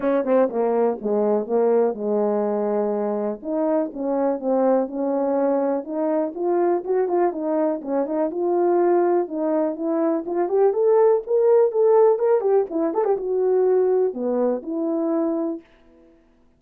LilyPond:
\new Staff \with { instrumentName = "horn" } { \time 4/4 \tempo 4 = 123 cis'8 c'8 ais4 gis4 ais4 | gis2. dis'4 | cis'4 c'4 cis'2 | dis'4 f'4 fis'8 f'8 dis'4 |
cis'8 dis'8 f'2 dis'4 | e'4 f'8 g'8 a'4 ais'4 | a'4 ais'8 g'8 e'8 a'16 g'16 fis'4~ | fis'4 b4 e'2 | }